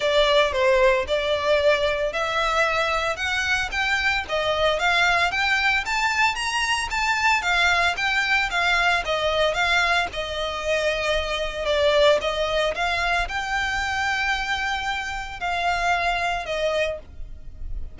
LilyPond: \new Staff \with { instrumentName = "violin" } { \time 4/4 \tempo 4 = 113 d''4 c''4 d''2 | e''2 fis''4 g''4 | dis''4 f''4 g''4 a''4 | ais''4 a''4 f''4 g''4 |
f''4 dis''4 f''4 dis''4~ | dis''2 d''4 dis''4 | f''4 g''2.~ | g''4 f''2 dis''4 | }